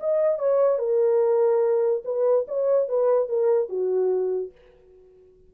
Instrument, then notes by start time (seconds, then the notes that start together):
horn
0.00 D#5
0.39 C#5
0.79 A#4
2.05 B4
2.48 C#5
2.89 B4
3.29 A#4
3.69 F#4